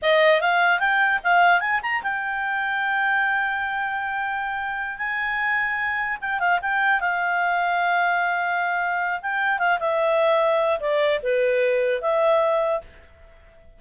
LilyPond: \new Staff \with { instrumentName = "clarinet" } { \time 4/4 \tempo 4 = 150 dis''4 f''4 g''4 f''4 | gis''8 ais''8 g''2.~ | g''1~ | g''8 gis''2. g''8 |
f''8 g''4 f''2~ f''8~ | f''2. g''4 | f''8 e''2~ e''8 d''4 | b'2 e''2 | }